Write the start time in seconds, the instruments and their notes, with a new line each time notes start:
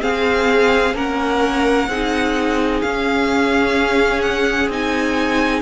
0.00 viola C4, cello C4, violin G#4 F5
0.94 cello A#3, viola C#4, violin A#4 F#5
1.88 cello C4, viola D#4, violin G#4
2.81 cello C#4, viola C#4, violin F5
4.21 violin F#5
4.68 cello C4, viola D#4, violin G#5